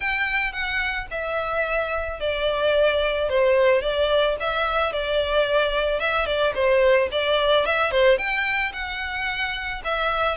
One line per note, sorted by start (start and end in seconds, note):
0.00 0.52 G5
0.52 1.06 F#5
1.11 2.20 E5
2.20 3.29 D5
3.29 3.81 C5
3.81 4.36 D5
4.40 4.92 E5
4.92 6.00 D5
6.00 6.26 E5
6.26 6.53 D5
6.54 7.09 C5
7.11 7.65 D5
7.65 7.91 E5
7.91 8.18 C5
8.18 8.72 G5
8.72 9.82 F#5
9.84 10.37 E5